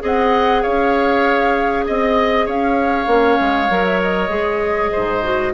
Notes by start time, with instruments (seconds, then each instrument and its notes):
0.00 bassoon C4, clarinet G#4, oboe D#5, flute F#5
0.62 bassoon C#4, oboe C#5, flute F5
1.86 bassoon C4, flute D#5, oboe D#5
2.45 bassoon C#4, oboe C#5, flute F5
3.06 bassoon A#3, clarinet C#4
3.39 bassoon G#3
3.68 bassoon F#3, clarinet A#4
3.85 flute E5
4.01 flute D#5
4.28 bassoon G#3, clarinet G#4
4.92 bassoon G#2, oboe C5
5.23 clarinet F#4